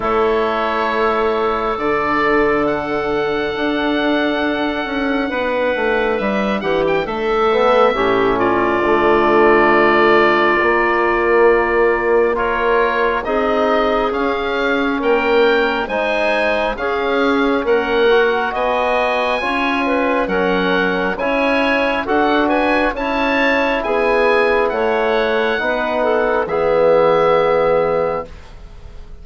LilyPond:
<<
  \new Staff \with { instrumentName = "oboe" } { \time 4/4 \tempo 4 = 68 cis''2 d''4 fis''4~ | fis''2. e''8 fis''16 g''16 | e''4. d''2~ d''8~ | d''2 cis''4 dis''4 |
f''4 g''4 gis''4 f''4 | fis''4 gis''2 fis''4 | gis''4 fis''8 gis''8 a''4 gis''4 | fis''2 e''2 | }
  \new Staff \with { instrumentName = "clarinet" } { \time 4/4 a'1~ | a'2 b'4. g'8 | a'4 g'8 f'2~ f'8~ | f'2 ais'4 gis'4~ |
gis'4 ais'4 c''4 gis'4 | ais'4 dis''4 cis''8 b'8 ais'4 | cis''4 a'8 b'8 cis''4 gis'4 | cis''4 b'8 a'8 gis'2 | }
  \new Staff \with { instrumentName = "trombone" } { \time 4/4 e'2 d'2~ | d'1~ | d'8 b8 cis'4 a2 | ais2 f'4 dis'4 |
cis'2 dis'4 cis'4~ | cis'8 fis'4. f'4 cis'4 | e'4 fis'4 e'2~ | e'4 dis'4 b2 | }
  \new Staff \with { instrumentName = "bassoon" } { \time 4/4 a2 d2 | d'4. cis'8 b8 a8 g8 e8 | a4 a,4 d2 | ais2. c'4 |
cis'4 ais4 gis4 cis'4 | ais4 b4 cis'4 fis4 | cis'4 d'4 cis'4 b4 | a4 b4 e2 | }
>>